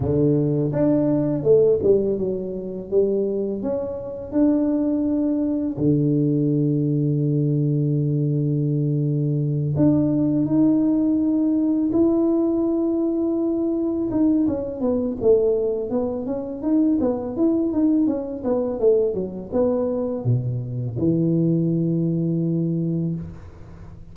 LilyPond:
\new Staff \with { instrumentName = "tuba" } { \time 4/4 \tempo 4 = 83 d4 d'4 a8 g8 fis4 | g4 cis'4 d'2 | d1~ | d4. d'4 dis'4.~ |
dis'8 e'2. dis'8 | cis'8 b8 a4 b8 cis'8 dis'8 b8 | e'8 dis'8 cis'8 b8 a8 fis8 b4 | b,4 e2. | }